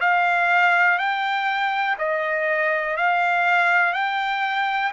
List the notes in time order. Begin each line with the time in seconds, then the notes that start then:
0.00 F5
0.98 G5
1.98 D#5
2.96 F5
3.93 G5